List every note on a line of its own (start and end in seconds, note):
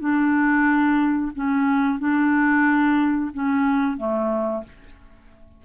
0.00 1.32 D4
1.35 1.99 C#4
1.99 3.31 D4
3.33 3.97 C#4
3.97 4.63 A3